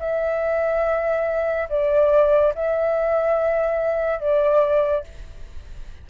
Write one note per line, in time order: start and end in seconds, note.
0.00 1.69 E5
1.69 2.54 D5
2.55 4.20 E5
4.20 5.04 D5